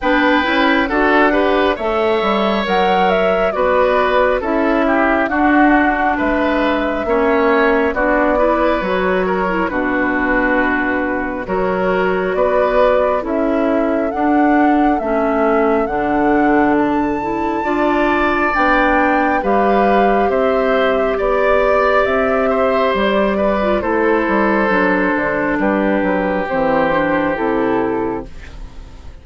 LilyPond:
<<
  \new Staff \with { instrumentName = "flute" } { \time 4/4 \tempo 4 = 68 g''4 fis''4 e''4 fis''8 e''8 | d''4 e''4 fis''4 e''4~ | e''4 d''4 cis''4 b'4~ | b'4 cis''4 d''4 e''4 |
fis''4 e''4 fis''4 a''4~ | a''4 g''4 f''4 e''4 | d''4 e''4 d''4 c''4~ | c''4 b'4 c''4 a'4 | }
  \new Staff \with { instrumentName = "oboe" } { \time 4/4 b'4 a'8 b'8 cis''2 | b'4 a'8 g'8 fis'4 b'4 | cis''4 fis'8 b'4 ais'8 fis'4~ | fis'4 ais'4 b'4 a'4~ |
a'1 | d''2 b'4 c''4 | d''4. c''4 b'8 a'4~ | a'4 g'2. | }
  \new Staff \with { instrumentName = "clarinet" } { \time 4/4 d'8 e'8 fis'8 g'8 a'4 ais'4 | fis'4 e'4 d'2 | cis'4 d'8 e'8 fis'8. e'16 d'4~ | d'4 fis'2 e'4 |
d'4 cis'4 d'4. e'8 | f'4 d'4 g'2~ | g'2~ g'8. f'16 e'4 | d'2 c'8 d'8 e'4 | }
  \new Staff \with { instrumentName = "bassoon" } { \time 4/4 b8 cis'8 d'4 a8 g8 fis4 | b4 cis'4 d'4 gis4 | ais4 b4 fis4 b,4~ | b,4 fis4 b4 cis'4 |
d'4 a4 d2 | d'4 b4 g4 c'4 | b4 c'4 g4 a8 g8 | fis8 d8 g8 fis8 e4 c4 | }
>>